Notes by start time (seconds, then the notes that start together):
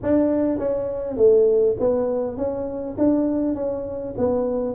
0.02 D4
0.58 C#4
1.16 A3
1.79 B3
2.37 C#4
2.98 D4
3.55 C#4
4.17 B3